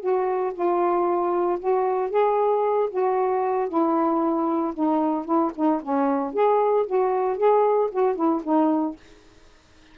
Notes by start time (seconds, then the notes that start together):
0.00 F#4
0.53 F4
1.59 F#4
2.10 G#4
2.90 F#4
3.68 E4
4.74 D#4
5.25 E4
5.55 D#4
5.83 C#4
6.33 G#4
6.86 F#4
7.37 G#4
7.91 F#4
8.15 E4
8.43 D#4